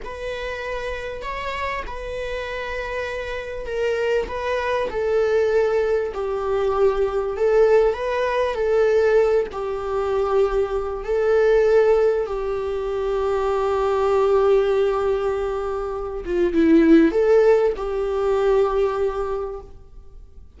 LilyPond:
\new Staff \with { instrumentName = "viola" } { \time 4/4 \tempo 4 = 98 b'2 cis''4 b'4~ | b'2 ais'4 b'4 | a'2 g'2 | a'4 b'4 a'4. g'8~ |
g'2 a'2 | g'1~ | g'2~ g'8 f'8 e'4 | a'4 g'2. | }